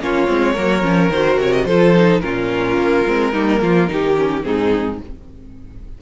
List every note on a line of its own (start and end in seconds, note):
0.00 0.28 A#3
0.00 0.27 C#4
0.00 0.53 F4
0.00 1.11 C#5
0.27 0.57 G#3
0.27 0.54 C4
0.53 0.83 F#3
0.53 0.82 A#3
0.53 1.64 A#4
0.82 1.09 F3
0.82 1.09 C#4
1.09 1.37 D#3
1.09 1.67 F#4
1.09 1.39 C5
1.37 1.65 C3
1.37 1.53 C#5
1.53 1.65 D#5
1.65 2.21 F3
1.65 1.95 F4
1.65 2.22 A4
1.65 2.20 C5
1.96 2.22 D#4
2.20 2.77 A#2
2.20 3.05 C#4
2.20 3.32 F4
2.20 4.42 A#4
2.77 3.05 A#3
3.06 3.33 G#3
3.06 3.33 C4
3.32 3.61 G3
3.32 3.88 A#3
3.32 3.59 D#4
3.62 3.89 F3
3.62 3.90 F4
3.88 4.45 D#3
3.88 4.16 D#4
3.88 4.46 G4
4.17 4.42 C#4
4.42 5.00 G#2
4.42 4.98 C4
4.42 5.01 D#4
4.42 4.98 G#4